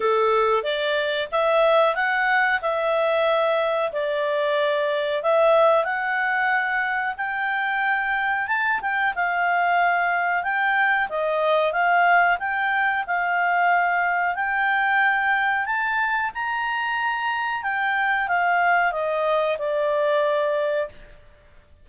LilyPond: \new Staff \with { instrumentName = "clarinet" } { \time 4/4 \tempo 4 = 92 a'4 d''4 e''4 fis''4 | e''2 d''2 | e''4 fis''2 g''4~ | g''4 a''8 g''8 f''2 |
g''4 dis''4 f''4 g''4 | f''2 g''2 | a''4 ais''2 g''4 | f''4 dis''4 d''2 | }